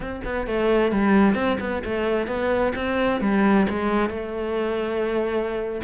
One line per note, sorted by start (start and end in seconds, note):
0.00 0.21 C4
0.25 0.47 B3
0.47 0.91 A3
0.91 1.34 G3
1.34 1.57 C4
1.60 1.83 B3
1.84 2.27 A3
2.27 2.73 B3
2.75 3.21 C4
3.21 3.66 G3
3.69 4.09 G#3
4.09 5.81 A3